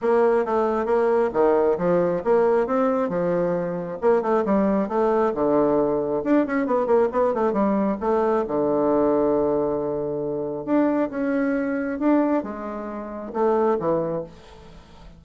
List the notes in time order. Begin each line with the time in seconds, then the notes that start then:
0.01 A#3
0.45 A3
0.85 A#3
1.33 D#3
1.78 F3
2.24 A#3
2.66 C4
3.09 F3
4.01 A#3
4.22 A3
4.45 G3
4.88 A3
5.34 D3
6.24 D4
6.46 C#4
6.66 B3
6.86 A#3
7.12 B3
7.34 A3
7.52 G3
8.00 A3
8.47 D3
10.65 D4
11.10 C#4
11.99 D4
12.43 G#3
13.33 A3
13.79 E3